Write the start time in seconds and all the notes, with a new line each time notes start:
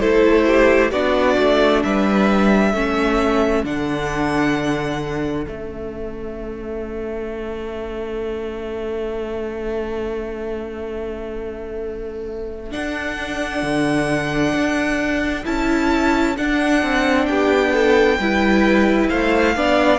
0.00 A3 E4 A4 C5
0.47 G4
0.91 B3 D4 F#4 D5
1.38 A3
1.83 G3 B4 E5
2.71 A3 C#4 A4
3.64 D3 D4 F#5
5.45 A3 C#4 E5
12.71 D4 F#5
13.63 D3
14.53 D4
15.45 C#4 E4 A5
16.37 D4 F#5
16.83 C4
17.26 B3 G4 G5
17.73 A4
18.19 G3 E4 B4
19.09 A3 C5 F5
19.56 B3 D4 D5